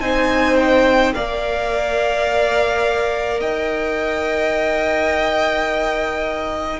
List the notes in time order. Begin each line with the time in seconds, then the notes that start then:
0.00 C4 D#4 C5 G#5
0.57 G5
1.14 A#3 A#4 D5 F5
3.41 D#4 D#5 G5